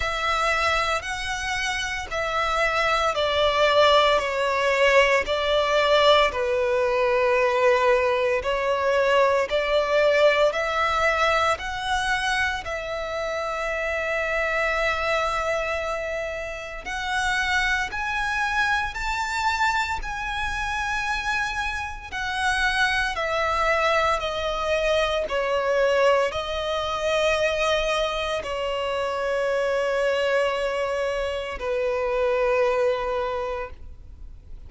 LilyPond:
\new Staff \with { instrumentName = "violin" } { \time 4/4 \tempo 4 = 57 e''4 fis''4 e''4 d''4 | cis''4 d''4 b'2 | cis''4 d''4 e''4 fis''4 | e''1 |
fis''4 gis''4 a''4 gis''4~ | gis''4 fis''4 e''4 dis''4 | cis''4 dis''2 cis''4~ | cis''2 b'2 | }